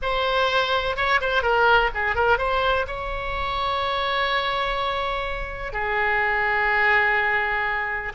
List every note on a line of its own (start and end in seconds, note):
0.02 0.96 C5
0.96 1.20 C#5
1.20 1.42 C5
1.42 1.90 A#4
1.94 2.15 G#4
2.15 2.38 A#4
2.38 2.86 C5
2.87 5.73 C#5
5.73 8.13 G#4